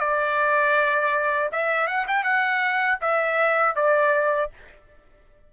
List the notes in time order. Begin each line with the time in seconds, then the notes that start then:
0.00 D5
1.52 E5
1.88 F#5
2.08 G5
2.24 F#5
3.01 E5
3.76 D5